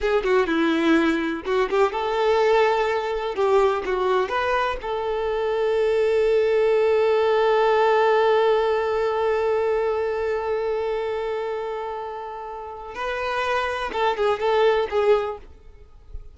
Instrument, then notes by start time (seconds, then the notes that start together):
violin
0.00 G#4
0.23 F#4
0.46 E4
1.45 F#4
1.70 G4
1.91 A4
3.35 G4
3.85 F#4
4.29 B4
4.81 A4
12.94 B4
13.92 A4
14.16 G#4
14.39 A4
14.90 G#4